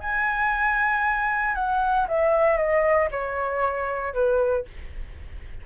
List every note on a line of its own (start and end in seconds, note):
0.00 1.55 G#5
1.55 2.07 F#5
2.08 2.57 E5
2.57 3.09 D#5
3.11 4.14 C#5
4.14 4.65 B4